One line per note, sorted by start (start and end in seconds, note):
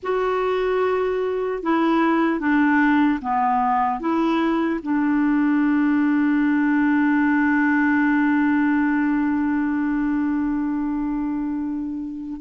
0.03 1.63 F#4
1.63 2.39 E4
2.39 3.19 D4
3.21 4.00 B3
4.00 4.80 E4
4.82 12.40 D4